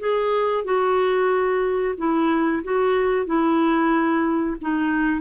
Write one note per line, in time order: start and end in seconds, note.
0.00 0.65 G#4
0.65 1.95 F#4
1.98 2.63 E4
2.64 3.26 F#4
3.26 4.57 E4
4.61 5.21 D#4